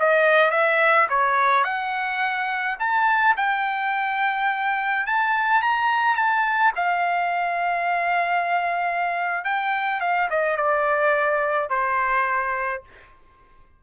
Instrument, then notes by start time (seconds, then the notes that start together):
trumpet
0.00 D#5
0.51 E5
1.09 C#5
1.64 F#5
2.79 A5
3.37 G5
5.06 A5
5.62 A#5
6.16 A5
6.76 F5
9.44 G5
10.01 F5
10.30 D#5
10.57 D5
11.70 C5